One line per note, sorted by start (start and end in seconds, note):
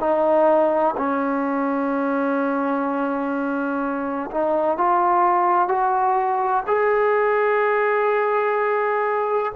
0.00 0.95 D#4
0.97 4.31 C#4
4.31 4.78 D#4
4.78 5.69 F4
5.69 6.64 F#4
6.67 9.53 G#4